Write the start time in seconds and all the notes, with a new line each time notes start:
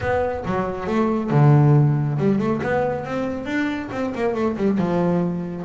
0.00 B3
0.45 F#3
0.86 A3
1.30 D3
2.17 G3
2.38 A3
2.62 B3
3.04 C4
3.45 D4
3.91 C4
4.14 A#3
4.34 A3
4.57 G3
4.78 F3